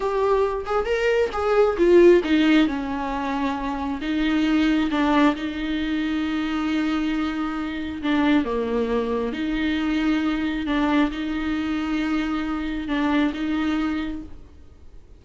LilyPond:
\new Staff \with { instrumentName = "viola" } { \time 4/4 \tempo 4 = 135 g'4. gis'8 ais'4 gis'4 | f'4 dis'4 cis'2~ | cis'4 dis'2 d'4 | dis'1~ |
dis'2 d'4 ais4~ | ais4 dis'2. | d'4 dis'2.~ | dis'4 d'4 dis'2 | }